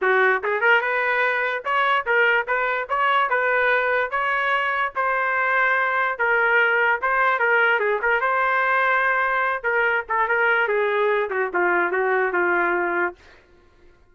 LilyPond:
\new Staff \with { instrumentName = "trumpet" } { \time 4/4 \tempo 4 = 146 fis'4 gis'8 ais'8 b'2 | cis''4 ais'4 b'4 cis''4 | b'2 cis''2 | c''2. ais'4~ |
ais'4 c''4 ais'4 gis'8 ais'8 | c''2.~ c''8 ais'8~ | ais'8 a'8 ais'4 gis'4. fis'8 | f'4 fis'4 f'2 | }